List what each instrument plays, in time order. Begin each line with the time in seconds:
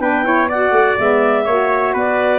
0.00 tuba B3, saxophone D4, trumpet B4, clarinet G5
0.25 saxophone E4, trumpet C#5
0.49 saxophone F#4, trumpet D5, clarinet F#5
0.72 tuba A3
0.98 tuba G#3, saxophone B3, clarinet E5
1.45 tuba A#3, saxophone F#4, trumpet C#5
1.94 tuba B3, trumpet B4, clarinet D5